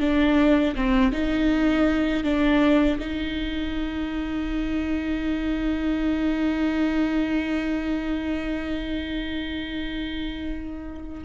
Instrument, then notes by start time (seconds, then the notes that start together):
viola
0.00 D4
0.75 C4
1.12 D#4
2.24 D4
2.99 D#4